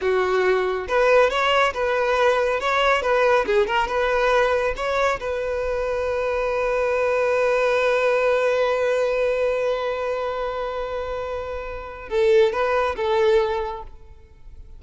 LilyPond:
\new Staff \with { instrumentName = "violin" } { \time 4/4 \tempo 4 = 139 fis'2 b'4 cis''4 | b'2 cis''4 b'4 | gis'8 ais'8 b'2 cis''4 | b'1~ |
b'1~ | b'1~ | b'1 | a'4 b'4 a'2 | }